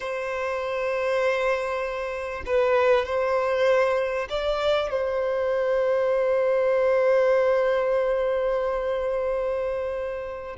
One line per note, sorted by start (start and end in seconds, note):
0.00 2.43 C5
2.46 3.05 B4
3.05 4.28 C5
4.29 4.90 D5
4.90 10.56 C5